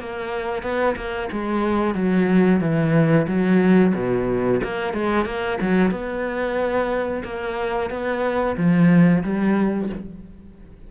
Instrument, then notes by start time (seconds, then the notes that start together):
cello
0.00 A#3
0.63 B3
0.97 A#3
1.32 G#3
1.95 F#3
2.61 E3
3.28 F#3
3.95 B2
4.64 A#3
4.94 G#3
5.26 A#3
5.61 F#3
5.91 B3
7.24 A#3
7.91 B3
8.57 F3
9.23 G3